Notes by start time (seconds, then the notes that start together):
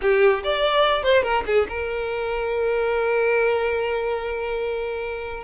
0.01 G4
0.43 D5
1.03 C5
1.23 A#4
1.46 G#4
1.68 A#4